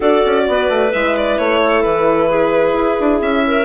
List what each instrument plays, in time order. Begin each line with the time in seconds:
0.00 bassoon D4, horn F#4, clarinet A4, violin D5
0.25 bassoon C#4
0.47 bassoon B3, clarinet B4
0.69 bassoon A3
0.91 bassoon G#3, horn E4, violin E5
1.16 violin D5
1.38 bassoon A3, violin C#5
1.62 clarinet A4
1.82 bassoon E3, violin B4
2.29 clarinet G#4
2.73 bassoon E4
3.00 bassoon D4
3.20 bassoon C#4, violin E5
3.46 clarinet A#4